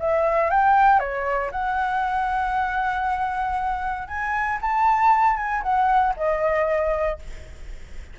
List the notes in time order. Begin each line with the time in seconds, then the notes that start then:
0.00 E5
0.51 G5
1.00 C#5
1.52 F#5
4.08 G#5
4.62 A5
5.37 G#5
5.63 F#5
6.17 D#5